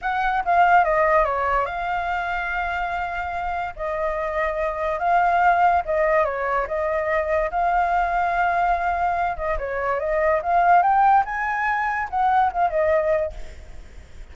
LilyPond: \new Staff \with { instrumentName = "flute" } { \time 4/4 \tempo 4 = 144 fis''4 f''4 dis''4 cis''4 | f''1~ | f''4 dis''2. | f''2 dis''4 cis''4 |
dis''2 f''2~ | f''2~ f''8 dis''8 cis''4 | dis''4 f''4 g''4 gis''4~ | gis''4 fis''4 f''8 dis''4. | }